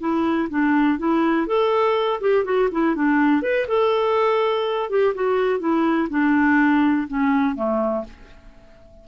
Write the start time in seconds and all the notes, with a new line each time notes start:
0.00 E4
0.50 D4
0.98 E4
1.47 A4
2.21 G4
2.45 F#4
2.72 E4
2.96 D4
3.42 B4
3.68 A4
4.90 G4
5.15 F#4
5.60 E4
6.10 D4
7.08 C#4
7.55 A3